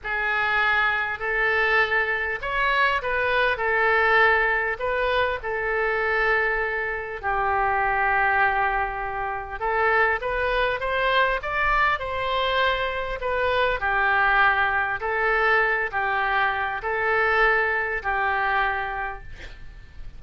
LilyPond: \new Staff \with { instrumentName = "oboe" } { \time 4/4 \tempo 4 = 100 gis'2 a'2 | cis''4 b'4 a'2 | b'4 a'2. | g'1 |
a'4 b'4 c''4 d''4 | c''2 b'4 g'4~ | g'4 a'4. g'4. | a'2 g'2 | }